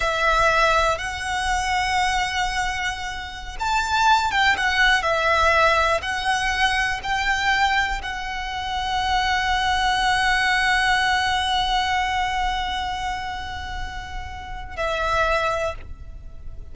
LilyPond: \new Staff \with { instrumentName = "violin" } { \time 4/4 \tempo 4 = 122 e''2 fis''2~ | fis''2.~ fis''16 a''8.~ | a''8. g''8 fis''4 e''4.~ e''16~ | e''16 fis''2 g''4.~ g''16~ |
g''16 fis''2.~ fis''8.~ | fis''1~ | fis''1~ | fis''2 e''2 | }